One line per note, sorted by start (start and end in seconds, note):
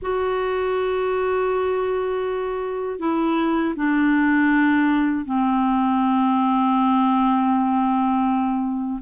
0.01 2.99 F#4
2.99 3.74 E4
3.76 5.25 D4
5.25 9.00 C4